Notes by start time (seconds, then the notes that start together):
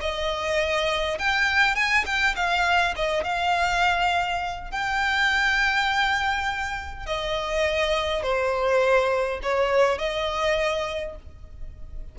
0.00 D#5
1.18 G5
1.75 G#5
2.05 G5
2.35 F5
2.95 D#5
3.24 F5
4.71 G5
7.06 D#5
8.22 C5
9.42 C#5
9.98 D#5